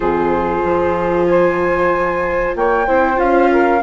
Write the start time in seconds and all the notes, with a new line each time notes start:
0.00 F2 F4 G#4 C5
0.63 F3
1.26 C5 G#5
2.55 A#3 C#5 G5
2.86 C4 E4 C5
3.15 C#4 F4 F5
3.51 A#4